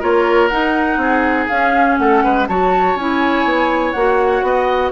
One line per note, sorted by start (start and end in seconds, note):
0.00 0.51 A#3
0.00 0.50 F4
0.00 0.98 A#4
0.00 0.48 C#5
0.48 0.97 D#4
0.48 1.50 D#4
0.48 1.47 F#5
0.97 1.46 C4
0.97 2.00 G#4
1.48 1.99 C#4
1.48 2.49 C#4
1.48 1.97 F5
1.98 2.24 A3
1.98 2.24 A4
1.98 2.47 F#5
2.24 2.48 G#3
2.24 2.48 B4
2.48 2.95 F#3
2.48 2.98 F#4
2.48 4.46 C#5
2.48 2.97 A5
2.95 3.44 C#4
2.95 3.96 E4
2.95 3.92 G#5
3.44 3.94 B3
3.92 4.42 A#3
3.92 4.92 F#4
3.92 4.90 F#5
4.42 4.91 B3
4.42 4.92 D#5